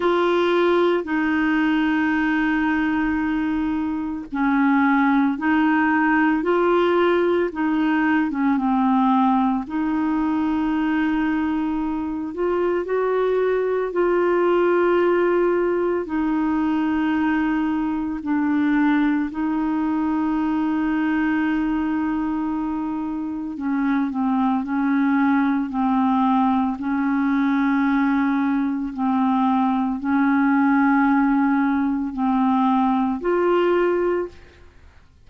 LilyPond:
\new Staff \with { instrumentName = "clarinet" } { \time 4/4 \tempo 4 = 56 f'4 dis'2. | cis'4 dis'4 f'4 dis'8. cis'16 | c'4 dis'2~ dis'8 f'8 | fis'4 f'2 dis'4~ |
dis'4 d'4 dis'2~ | dis'2 cis'8 c'8 cis'4 | c'4 cis'2 c'4 | cis'2 c'4 f'4 | }